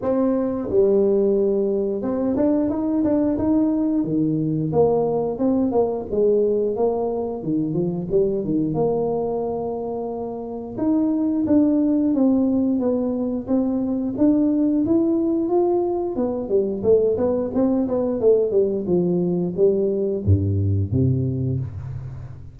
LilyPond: \new Staff \with { instrumentName = "tuba" } { \time 4/4 \tempo 4 = 89 c'4 g2 c'8 d'8 | dis'8 d'8 dis'4 dis4 ais4 | c'8 ais8 gis4 ais4 dis8 f8 | g8 dis8 ais2. |
dis'4 d'4 c'4 b4 | c'4 d'4 e'4 f'4 | b8 g8 a8 b8 c'8 b8 a8 g8 | f4 g4 g,4 c4 | }